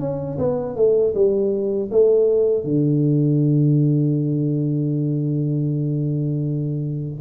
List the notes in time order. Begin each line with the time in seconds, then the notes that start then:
0.00 C#4
0.38 B3
0.76 A3
1.14 G3
1.91 A3
2.64 D3